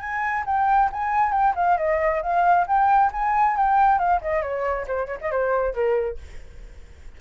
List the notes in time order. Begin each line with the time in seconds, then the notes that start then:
0.00 G#5
0.46 G5
0.92 G#5
1.32 G5
1.56 F5
1.78 D#5
2.22 F5
2.67 G5
3.13 G#5
3.57 G5
3.99 F5
4.22 D#5
4.43 C#5
4.88 C5
5.07 C#5
5.21 D#5
5.31 C5
5.74 A#4